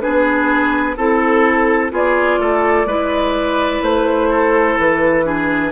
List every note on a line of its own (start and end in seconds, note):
0.00 0.97 B3
0.00 0.95 D4
0.00 0.96 G#4
0.00 0.96 B4
0.96 1.91 C4
0.96 1.90 E4
0.96 1.91 A4
0.96 1.92 A4
1.90 2.38 B3
1.90 2.86 F4
1.90 2.40 G#4
1.90 3.83 D5
2.38 2.86 A3
2.38 2.87 A4
2.86 3.81 G#3
2.86 5.24 E4
2.86 4.30 B4
3.82 4.77 A3
3.82 4.78 C5
4.30 5.25 A4
4.79 5.72 E3
4.79 5.72 B4
5.24 5.72 D4
5.24 5.72 G#4